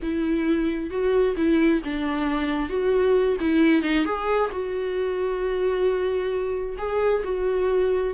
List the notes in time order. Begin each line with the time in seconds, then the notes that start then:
0.02 E4
0.90 F#4
1.36 E4
1.84 D4
2.69 F#4
3.40 E4
3.82 D#4
4.05 G#4
4.51 F#4
6.78 G#4
7.24 F#4